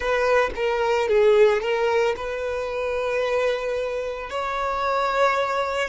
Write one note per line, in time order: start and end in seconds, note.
0.00 0.50 B4
0.55 1.08 A#4
1.08 1.61 G#4
1.61 2.15 A#4
2.16 4.30 B4
4.30 5.88 C#5